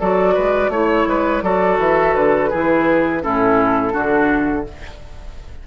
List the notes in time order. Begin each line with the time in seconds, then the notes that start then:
0.00 F#3 F#4 A4 D5
0.34 G#3 B4
0.69 A3 E4 C#5
1.07 G#3 B4
1.42 F#3 F#4 A4 D5
1.78 E3 E5
2.15 D3 B4
2.50 E3 E4 G#4
3.22 A2 C#4 E4 A4
3.92 D3 D4 F#4